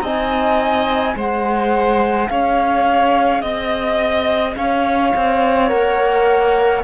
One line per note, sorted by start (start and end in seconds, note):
0.00 1.13 C4
0.00 1.16 D#4
0.00 1.15 D#5
0.00 1.17 G#5
1.16 2.29 G#3
1.16 5.68 G#4
1.16 2.29 C5
1.16 2.28 F#5
2.28 3.42 C#4
2.28 3.41 C#5
2.28 3.41 F5
3.41 4.55 C4
3.41 4.54 D#5
4.55 5.12 C#4
4.55 6.84 C#5
4.55 5.68 F5
5.16 5.71 C4
5.68 6.84 A#3
5.68 6.81 A#4
5.68 6.81 F#5